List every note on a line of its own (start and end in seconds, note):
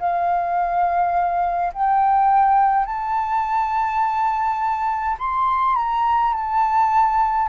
0.00 1.73 F5
1.74 2.86 G5
2.86 5.17 A5
5.19 5.76 C6
5.76 6.34 A#5
6.34 7.49 A5